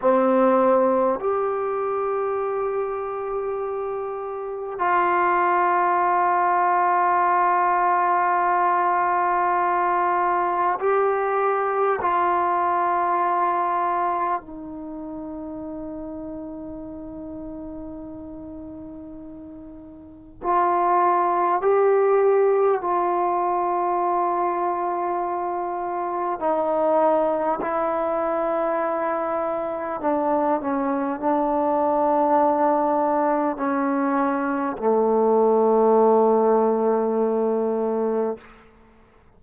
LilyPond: \new Staff \with { instrumentName = "trombone" } { \time 4/4 \tempo 4 = 50 c'4 g'2. | f'1~ | f'4 g'4 f'2 | dis'1~ |
dis'4 f'4 g'4 f'4~ | f'2 dis'4 e'4~ | e'4 d'8 cis'8 d'2 | cis'4 a2. | }